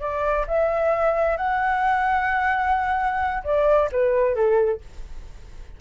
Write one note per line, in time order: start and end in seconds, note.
0.00 0.46 D5
0.47 1.37 E5
1.37 3.43 F#5
3.44 3.89 D5
3.92 4.35 B4
4.35 4.80 A4